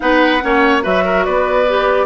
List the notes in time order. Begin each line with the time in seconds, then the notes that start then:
0.00 B3 D#4 B4 F#5
0.42 A#3 C#4 C#5
0.82 F#3 F#4 B4 E5
1.04 A#4
1.24 B3 B4 D5
1.68 G4